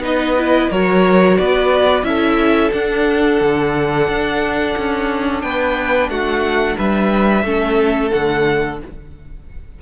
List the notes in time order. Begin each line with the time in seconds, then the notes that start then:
0.00 B3 D#4 B4 D#5
0.38 E4
0.70 F#3 F#4 A#4 C#5
1.38 B3 B4 D5
2.03 C#4 E4 A4 E5
2.73 D4 F#5
3.41 D3
4.08 D4
4.78 C#4
5.42 B3 B4 G5
6.09 A3 F#4 F#5
6.77 G3 B4 E5
7.43 A3 C#4 A4
8.11 D3 A3 F#5